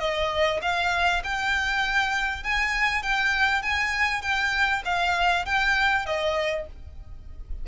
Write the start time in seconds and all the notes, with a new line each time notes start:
0.00 D#5
0.62 F5
1.24 G5
2.44 G#5
3.03 G5
3.63 G#5
4.22 G5
4.85 F5
5.46 G5
6.06 D#5